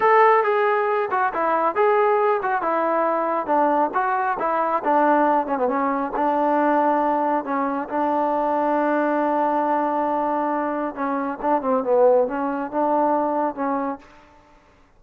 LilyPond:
\new Staff \with { instrumentName = "trombone" } { \time 4/4 \tempo 4 = 137 a'4 gis'4. fis'8 e'4 | gis'4. fis'8 e'2 | d'4 fis'4 e'4 d'4~ | d'8 cis'16 b16 cis'4 d'2~ |
d'4 cis'4 d'2~ | d'1~ | d'4 cis'4 d'8 c'8 b4 | cis'4 d'2 cis'4 | }